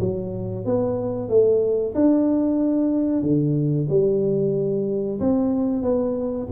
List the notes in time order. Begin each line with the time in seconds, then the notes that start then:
0.00 F#3
0.65 B3
1.29 A3
1.95 D4
3.23 D3
3.89 G3
5.20 C4
5.82 B3